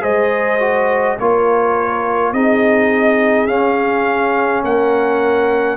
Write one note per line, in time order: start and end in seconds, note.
0.00 1.18 G#3
0.00 0.58 G#4
0.00 1.17 C5
0.00 1.18 D#5
0.59 1.17 F#4
1.19 2.32 A#3
1.19 2.34 F4
1.19 2.33 A#4
1.19 2.33 C#5
2.32 3.47 C4
2.32 3.48 D#4
2.32 4.63 G#4
2.32 3.47 D#5
3.47 4.62 C#4
3.47 5.77 C#4
3.47 4.62 F5
4.63 5.77 A#3
4.63 5.77 A#4
4.63 5.77 F#5